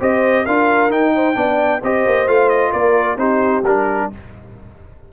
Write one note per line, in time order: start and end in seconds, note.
0.00 0.47 C4
0.00 0.46 G4
0.00 0.45 C5
0.00 0.46 D#5
0.46 0.90 D4
0.46 0.91 F4
0.46 1.14 A#4
0.46 0.91 F5
0.90 1.36 D#4
0.90 1.35 D#4
0.90 1.83 G5
1.16 1.36 C5
1.35 1.82 B3
1.35 1.80 D4
1.35 1.81 D5
1.83 2.06 C4
1.83 2.28 G4
1.83 2.73 C5
1.83 2.28 D#5
2.07 2.27 A#3
2.27 2.73 A3
2.27 3.18 F4
2.27 2.50 F5
2.50 2.72 D#5
2.73 3.17 A#3
2.73 3.18 A#4
2.73 3.18 D5
3.17 3.63 C4
3.17 3.64 D#4
3.17 4.10 G4
3.17 3.64 C5
3.63 4.09 G3
3.63 4.13 D4
3.63 4.11 A#4